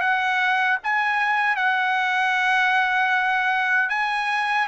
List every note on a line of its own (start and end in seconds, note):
0.00 0.78 F#5
0.83 1.56 G#5
1.56 3.89 F#5
3.89 4.67 G#5